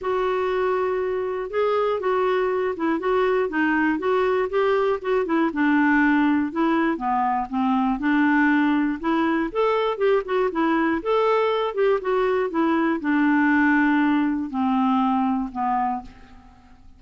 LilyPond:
\new Staff \with { instrumentName = "clarinet" } { \time 4/4 \tempo 4 = 120 fis'2. gis'4 | fis'4. e'8 fis'4 dis'4 | fis'4 g'4 fis'8 e'8 d'4~ | d'4 e'4 b4 c'4 |
d'2 e'4 a'4 | g'8 fis'8 e'4 a'4. g'8 | fis'4 e'4 d'2~ | d'4 c'2 b4 | }